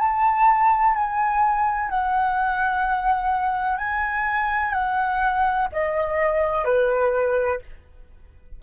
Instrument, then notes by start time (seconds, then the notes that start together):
flute
0.00 A5
0.95 G#5
1.90 F#5
3.78 G#5
4.73 F#5
5.73 D#5
6.65 B4